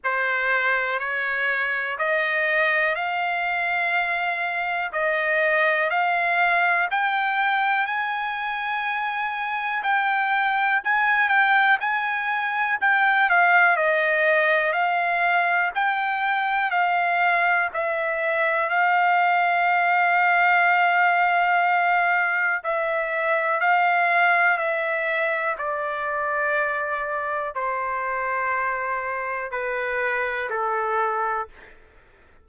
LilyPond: \new Staff \with { instrumentName = "trumpet" } { \time 4/4 \tempo 4 = 61 c''4 cis''4 dis''4 f''4~ | f''4 dis''4 f''4 g''4 | gis''2 g''4 gis''8 g''8 | gis''4 g''8 f''8 dis''4 f''4 |
g''4 f''4 e''4 f''4~ | f''2. e''4 | f''4 e''4 d''2 | c''2 b'4 a'4 | }